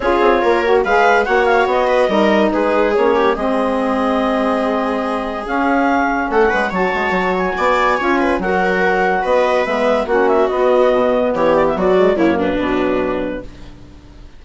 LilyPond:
<<
  \new Staff \with { instrumentName = "clarinet" } { \time 4/4 \tempo 4 = 143 cis''2 f''4 fis''8 f''8 | dis''2 b'4 cis''4 | dis''1~ | dis''4 f''2 fis''4 |
a''4. gis''2~ gis''8 | fis''2 dis''4 e''4 | fis''8 e''8 dis''2 cis''8 d''16 e''16 | d''4 cis''8 b'2~ b'8 | }
  \new Staff \with { instrumentName = "viola" } { \time 4/4 gis'4 ais'4 b'4 cis''4~ | cis''8 b'8 ais'4 gis'4. g'8 | gis'1~ | gis'2. a'8 b'8 |
cis''2 d''4 cis''8 b'8 | ais'2 b'2 | fis'2. g'4 | fis'4 e'8 d'2~ d'8 | }
  \new Staff \with { instrumentName = "saxophone" } { \time 4/4 f'4. fis'8 gis'4 fis'4~ | fis'4 dis'2 cis'4 | c'1~ | c'4 cis'2. |
fis'2. f'4 | fis'2. b4 | cis'4 b2.~ | b8 gis8 ais4 fis2 | }
  \new Staff \with { instrumentName = "bassoon" } { \time 4/4 cis'8 c'8 ais4 gis4 ais4 | b4 g4 gis4 ais4 | gis1~ | gis4 cis'2 a8 gis8 |
fis8 gis8 fis4 b4 cis'4 | fis2 b4 gis4 | ais4 b4 b,4 e4 | fis4 fis,4 b,2 | }
>>